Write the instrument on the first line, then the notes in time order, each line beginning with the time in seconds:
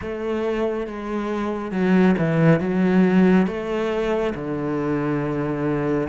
cello
0.01 A3
0.86 G#3
1.71 F#3
2.17 E3
2.60 F#3
3.46 A3
4.34 D3